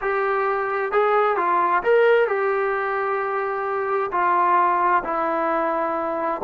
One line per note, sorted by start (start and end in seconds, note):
0.01 0.92 G4
0.92 1.36 G#4
1.36 1.82 F4
1.83 2.27 A#4
2.27 4.11 G4
4.11 5.03 F4
5.04 6.41 E4